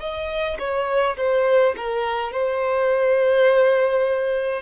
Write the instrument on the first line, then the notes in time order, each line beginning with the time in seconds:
violin
0.00 D#5
0.59 C#5
1.17 C5
1.77 A#4
2.32 C5